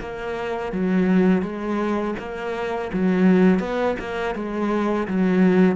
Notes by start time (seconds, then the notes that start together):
0.00 A#3
0.72 F#3
1.42 G#3
2.19 A#3
2.93 F#3
3.59 B3
3.99 A#3
4.35 G#3
5.08 F#3